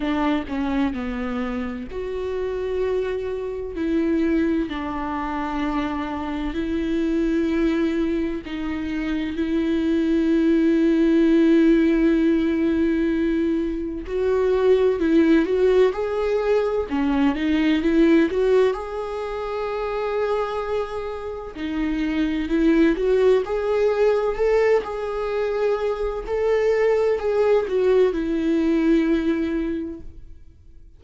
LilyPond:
\new Staff \with { instrumentName = "viola" } { \time 4/4 \tempo 4 = 64 d'8 cis'8 b4 fis'2 | e'4 d'2 e'4~ | e'4 dis'4 e'2~ | e'2. fis'4 |
e'8 fis'8 gis'4 cis'8 dis'8 e'8 fis'8 | gis'2. dis'4 | e'8 fis'8 gis'4 a'8 gis'4. | a'4 gis'8 fis'8 e'2 | }